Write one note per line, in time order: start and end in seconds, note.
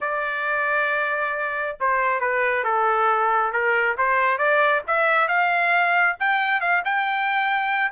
0.01 1.77 D5
1.79 2.20 C5
2.20 2.64 B4
2.64 3.52 A4
3.52 3.96 A#4
3.97 4.38 C5
4.38 4.82 D5
4.87 5.28 E5
5.28 6.16 F5
6.19 6.60 G5
6.60 6.82 F5
6.84 7.91 G5